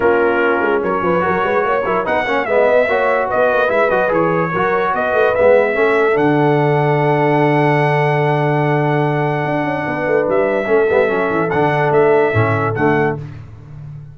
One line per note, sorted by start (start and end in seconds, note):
0.00 0.61 A#3
0.00 1.19 C#4
0.00 0.82 F4
0.00 0.82 A#4
0.61 0.81 G#3
0.82 1.01 F#3
0.82 1.03 A#4
0.82 2.06 C#5
1.01 1.22 F3
1.01 1.24 B4
1.19 1.81 F#4
1.19 1.44 A#4
1.27 1.43 F#3
1.43 1.63 G#3
1.43 1.65 B4
1.63 1.84 A#3
1.63 1.85 C#5
1.85 2.05 F#3
1.85 2.05 E4
1.85 2.04 A#4
2.04 2.26 B3
2.04 2.25 D#4
2.04 2.24 B4
2.04 2.45 F#5
2.25 2.46 A#3
2.25 2.47 C#4
2.25 2.46 C#5
2.45 2.66 G#3
2.45 2.88 B3
2.45 2.88 D#5
2.45 3.27 E5
2.66 2.86 B3
2.86 3.28 A#3
2.86 3.68 F#4
2.86 3.27 C#5
3.27 4.50 B4
3.27 3.70 D#5
3.33 3.52 B3
3.52 3.69 A#3
3.68 3.89 G#3
3.68 3.88 E4
3.68 3.90 E5
3.90 4.11 F#3
3.90 4.08 F#4
3.90 4.10 D#5
4.08 4.52 E3
4.08 4.49 G#4
4.08 4.94 C#5
4.51 4.94 F#3
4.51 5.35 F#4
4.51 4.92 A#4
4.94 5.12 B3
4.94 5.74 B4
4.94 5.35 D#5
5.12 5.33 A3
5.35 5.76 G#3
5.35 5.73 B3
5.35 6.17 E5
5.73 6.16 A3
5.73 6.12 C#4
5.73 9.85 A4
6.12 9.44 D3
6.12 10.64 D4
6.12 10.28 F#5
9.44 9.63 D4
9.63 9.84 C#4
9.86 10.06 B3
9.86 10.68 B4
10.06 10.27 A3
10.28 10.67 G3
10.28 11.50 E5
10.65 10.87 A3
10.65 10.86 C#4
10.65 13.14 A4
10.89 11.10 G3
10.89 11.07 B3
11.07 11.30 F#3
11.07 11.48 C#4
11.30 11.50 E3
11.50 11.90 D3
11.50 12.33 D4
11.50 11.91 F#5
11.90 12.31 A3
11.90 12.75 E5
12.33 12.74 A2
12.33 12.74 C#4
12.75 13.17 D3
12.75 13.18 A3
12.75 13.16 F#5